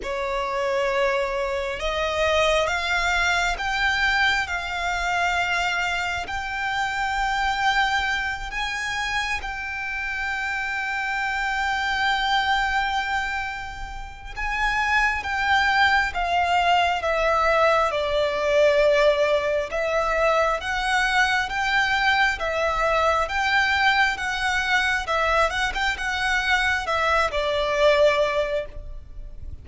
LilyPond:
\new Staff \with { instrumentName = "violin" } { \time 4/4 \tempo 4 = 67 cis''2 dis''4 f''4 | g''4 f''2 g''4~ | g''4. gis''4 g''4.~ | g''1 |
gis''4 g''4 f''4 e''4 | d''2 e''4 fis''4 | g''4 e''4 g''4 fis''4 | e''8 fis''16 g''16 fis''4 e''8 d''4. | }